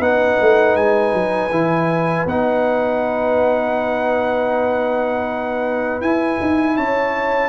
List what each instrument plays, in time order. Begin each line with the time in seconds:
0.00 tuba B3, trombone D#4, horn B4, trumpet F#5
0.41 tuba A3
0.76 tuba G#3, trumpet G#5
1.14 tuba F#3
1.50 tuba E3, trombone E4
2.26 tuba B3, trombone D#4, trumpet F#5
6.01 tuba E4, trombone E4, trumpet G#5
6.41 tuba D#4
6.76 tuba C#4, horn C#5, trumpet A5